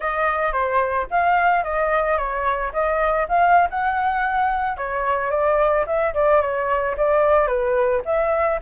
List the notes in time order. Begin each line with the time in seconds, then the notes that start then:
0.00 D#5
0.52 C5
1.10 F5
1.63 D#5
2.17 C#5
2.72 D#5
3.28 F5
3.70 F#5
4.77 C#5
5.30 D5
5.86 E5
6.14 D5
6.41 C#5
6.97 D5
7.47 B4
8.05 E5